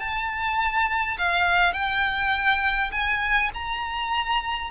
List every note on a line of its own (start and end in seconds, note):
0.00 1.18 A5
1.18 1.74 F5
1.74 2.91 G5
2.92 3.51 G#5
3.55 4.71 A#5